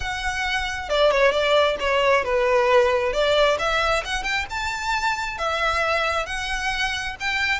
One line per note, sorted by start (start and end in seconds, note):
0.00 0.89 F#5
0.89 1.11 D5
1.11 1.31 C#5
1.31 1.76 D5
1.79 2.24 C#5
2.24 3.12 B4
3.12 3.57 D5
3.59 4.03 E5
4.05 4.23 F#5
4.23 4.45 G5
4.50 5.38 A5
5.38 6.25 E5
6.25 7.15 F#5
7.20 7.60 G5